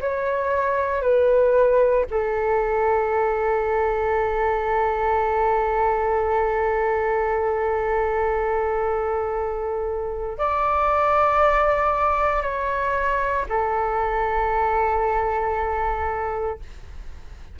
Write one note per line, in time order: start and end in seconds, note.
0.00 1.02 C#5
1.02 2.05 B4
2.10 10.38 A4
10.38 12.42 D5
12.42 13.45 C#5
13.49 16.59 A4